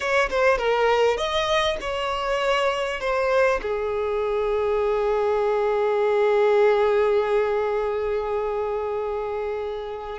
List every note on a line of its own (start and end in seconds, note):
0.00 0.29 C#5
0.30 0.58 C5
0.58 1.17 A#4
1.17 1.77 D#5
1.80 3.00 C#5
3.00 3.60 C5
3.62 10.18 G#4